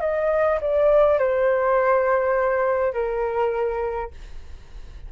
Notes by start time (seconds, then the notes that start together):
0.00 D#5
0.60 D5
1.19 C5
2.93 A#4